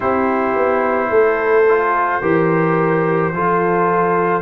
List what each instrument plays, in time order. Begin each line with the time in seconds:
0.00 tuba C4, trombone E4, horn G4, trumpet C5
0.55 tuba B3
1.09 tuba A3, horn A4
1.69 trombone F4
2.22 tuba E3, trombone G4, horn A#4
3.32 tuba F3, trombone F4, horn A4